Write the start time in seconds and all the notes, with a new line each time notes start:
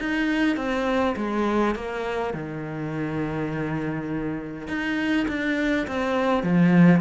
0.00 D#4
0.57 C4
1.17 G#3
1.76 A#3
2.34 D#3
4.68 D#4
5.28 D4
5.88 C4
6.44 F3